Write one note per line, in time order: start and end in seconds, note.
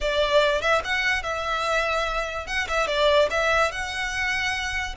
0.00 0.61 D5
0.61 0.81 E5
0.84 1.22 F#5
1.22 2.46 E5
2.47 2.67 F#5
2.68 2.87 E5
2.87 3.28 D5
3.30 3.71 E5
3.71 4.95 F#5